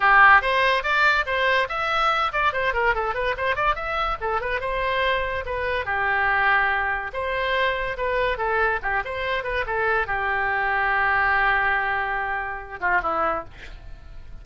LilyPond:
\new Staff \with { instrumentName = "oboe" } { \time 4/4 \tempo 4 = 143 g'4 c''4 d''4 c''4 | e''4. d''8 c''8 ais'8 a'8 b'8 | c''8 d''8 e''4 a'8 b'8 c''4~ | c''4 b'4 g'2~ |
g'4 c''2 b'4 | a'4 g'8 c''4 b'8 a'4 | g'1~ | g'2~ g'8 f'8 e'4 | }